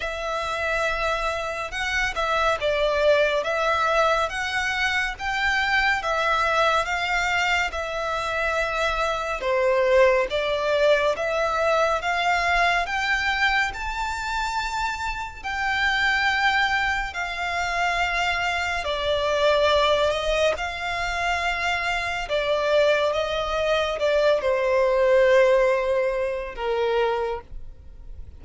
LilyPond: \new Staff \with { instrumentName = "violin" } { \time 4/4 \tempo 4 = 70 e''2 fis''8 e''8 d''4 | e''4 fis''4 g''4 e''4 | f''4 e''2 c''4 | d''4 e''4 f''4 g''4 |
a''2 g''2 | f''2 d''4. dis''8 | f''2 d''4 dis''4 | d''8 c''2~ c''8 ais'4 | }